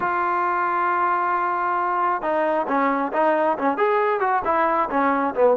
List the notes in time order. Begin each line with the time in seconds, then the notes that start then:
0.00 F4
2.22 D#4
2.67 C#4
3.13 D#4
3.58 C#4
3.77 G#4
4.20 F#4
4.44 E4
4.89 C#4
5.34 B3